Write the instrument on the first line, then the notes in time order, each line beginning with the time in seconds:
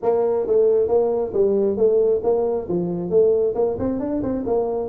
tuba
0.02 A#3
0.46 A3
0.87 A#3
1.33 G3
1.76 A3
2.23 A#3
2.68 F3
3.09 A3
3.54 A#3
3.78 C4
3.99 D4
4.22 C4
4.46 A#3